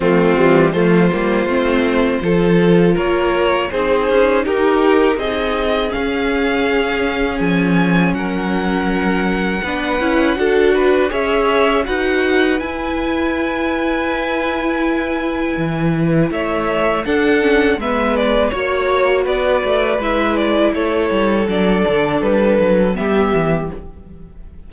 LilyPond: <<
  \new Staff \with { instrumentName = "violin" } { \time 4/4 \tempo 4 = 81 f'4 c''2. | cis''4 c''4 ais'4 dis''4 | f''2 gis''4 fis''4~ | fis''2. e''4 |
fis''4 gis''2.~ | gis''2 e''4 fis''4 | e''8 d''8 cis''4 d''4 e''8 d''8 | cis''4 d''4 b'4 e''4 | }
  \new Staff \with { instrumentName = "violin" } { \time 4/4 c'4 f'2 a'4 | ais'4 gis'4 g'4 gis'4~ | gis'2. ais'4~ | ais'4 b'4 a'8 b'8 cis''4 |
b'1~ | b'2 cis''4 a'4 | b'4 cis''4 b'2 | a'2. g'4 | }
  \new Staff \with { instrumentName = "viola" } { \time 4/4 a8 g8 a8 ais8 c'4 f'4~ | f'4 dis'2. | cis'1~ | cis'4 d'8 e'8 fis'4 gis'4 |
fis'4 e'2.~ | e'2. d'8 cis'8 | b4 fis'2 e'4~ | e'4 d'2 b4 | }
  \new Staff \with { instrumentName = "cello" } { \time 4/4 f8 e8 f8 g8 a4 f4 | ais4 c'8 cis'8 dis'4 c'4 | cis'2 f4 fis4~ | fis4 b8 cis'8 d'4 cis'4 |
dis'4 e'2.~ | e'4 e4 a4 d'4 | gis4 ais4 b8 a8 gis4 | a8 g8 fis8 d8 g8 fis8 g8 e8 | }
>>